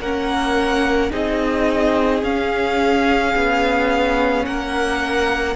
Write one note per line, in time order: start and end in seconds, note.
0.00 1.11 A#3
0.00 1.10 C#4
0.00 1.11 A#4
0.00 1.11 F#5
1.10 2.23 C4
1.10 2.22 D#4
1.10 4.45 G#4
1.10 2.24 D#5
2.22 5.55 C#4
2.22 3.34 C#4
2.22 4.45 F5
3.35 4.46 B3
4.45 5.56 A#3
4.45 5.56 A#4
4.45 5.56 F#5